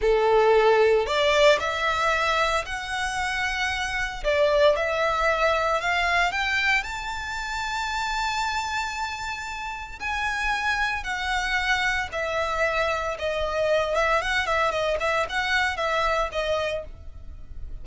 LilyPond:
\new Staff \with { instrumentName = "violin" } { \time 4/4 \tempo 4 = 114 a'2 d''4 e''4~ | e''4 fis''2. | d''4 e''2 f''4 | g''4 a''2.~ |
a''2. gis''4~ | gis''4 fis''2 e''4~ | e''4 dis''4. e''8 fis''8 e''8 | dis''8 e''8 fis''4 e''4 dis''4 | }